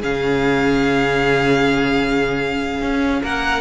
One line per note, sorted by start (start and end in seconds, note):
0.00 2.81 C#3
0.00 3.61 C#4
0.00 3.20 G#4
0.00 3.23 F5
2.81 3.21 C#4
3.23 3.61 A#3
3.23 3.61 A#4
3.23 3.61 F#5